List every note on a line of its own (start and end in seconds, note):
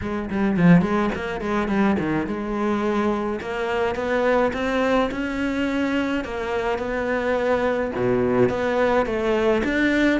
0.01 0.29 G#3
0.30 0.56 G3
0.56 0.81 F3
0.81 1.10 G#3
1.14 1.40 A#3
1.40 1.68 G#3
1.68 1.96 G3
1.99 2.26 D#3
2.26 3.40 G#3
3.40 3.95 A#3
3.95 4.52 B3
4.53 5.09 C4
5.11 6.24 C#4
6.24 6.78 A#3
6.78 7.91 B3
7.95 8.49 B2
8.49 9.06 B3
9.06 9.62 A3
9.64 10.20 D4